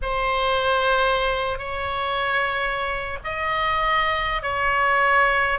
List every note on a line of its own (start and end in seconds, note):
0.02 1.58 C5
1.58 3.18 C#5
3.24 4.42 D#5
4.42 5.59 C#5